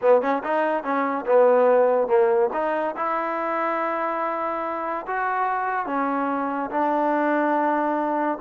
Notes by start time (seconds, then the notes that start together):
0.01 B3
0.21 C#4
0.43 D#4
0.83 C#4
1.26 B3
2.07 A#3
2.53 D#4
2.96 E4
5.07 F#4
5.86 C#4
6.70 D4